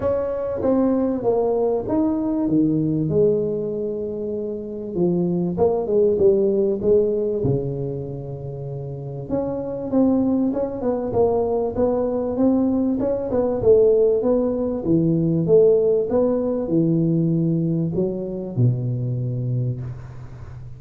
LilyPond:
\new Staff \with { instrumentName = "tuba" } { \time 4/4 \tempo 4 = 97 cis'4 c'4 ais4 dis'4 | dis4 gis2. | f4 ais8 gis8 g4 gis4 | cis2. cis'4 |
c'4 cis'8 b8 ais4 b4 | c'4 cis'8 b8 a4 b4 | e4 a4 b4 e4~ | e4 fis4 b,2 | }